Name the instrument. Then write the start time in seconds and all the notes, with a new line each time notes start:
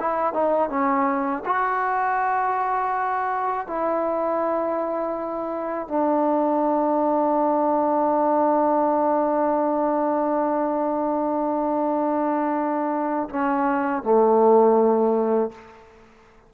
trombone
0.00 E4
0.33 D#4
0.69 C#4
1.45 F#4
3.67 E4
5.89 D4
13.29 C#4
14.03 A3